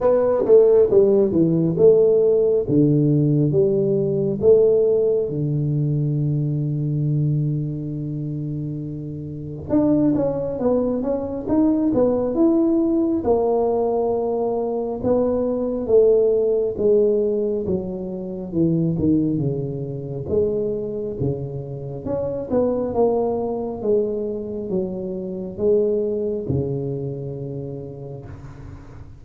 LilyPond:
\new Staff \with { instrumentName = "tuba" } { \time 4/4 \tempo 4 = 68 b8 a8 g8 e8 a4 d4 | g4 a4 d2~ | d2. d'8 cis'8 | b8 cis'8 dis'8 b8 e'4 ais4~ |
ais4 b4 a4 gis4 | fis4 e8 dis8 cis4 gis4 | cis4 cis'8 b8 ais4 gis4 | fis4 gis4 cis2 | }